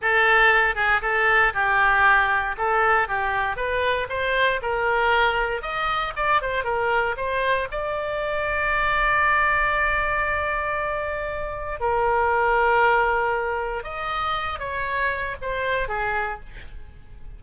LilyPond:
\new Staff \with { instrumentName = "oboe" } { \time 4/4 \tempo 4 = 117 a'4. gis'8 a'4 g'4~ | g'4 a'4 g'4 b'4 | c''4 ais'2 dis''4 | d''8 c''8 ais'4 c''4 d''4~ |
d''1~ | d''2. ais'4~ | ais'2. dis''4~ | dis''8 cis''4. c''4 gis'4 | }